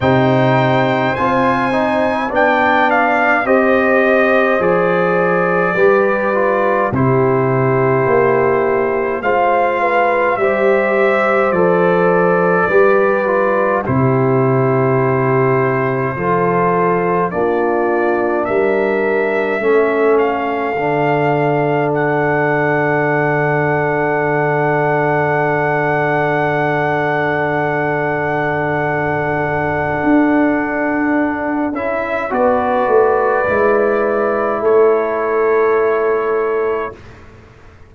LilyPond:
<<
  \new Staff \with { instrumentName = "trumpet" } { \time 4/4 \tempo 4 = 52 g''4 gis''4 g''8 f''8 dis''4 | d''2 c''2 | f''4 e''4 d''2 | c''2. d''4 |
e''4. f''4. fis''4~ | fis''1~ | fis''2.~ fis''8 e''8 | d''2 cis''2 | }
  \new Staff \with { instrumentName = "horn" } { \time 4/4 c''2 d''4 c''4~ | c''4 b'4 g'2 | c''8 b'8 c''2 b'4 | g'2 a'4 f'4 |
ais'4 a'2.~ | a'1~ | a'1 | b'2 a'2 | }
  \new Staff \with { instrumentName = "trombone" } { \time 4/4 dis'4 f'8 dis'8 d'4 g'4 | gis'4 g'8 f'8 e'2 | f'4 g'4 a'4 g'8 f'8 | e'2 f'4 d'4~ |
d'4 cis'4 d'2~ | d'1~ | d'2.~ d'8 e'8 | fis'4 e'2. | }
  \new Staff \with { instrumentName = "tuba" } { \time 4/4 c4 c'4 b4 c'4 | f4 g4 c4 ais4 | gis4 g4 f4 g4 | c2 f4 ais4 |
g4 a4 d2~ | d1~ | d2 d'4. cis'8 | b8 a8 gis4 a2 | }
>>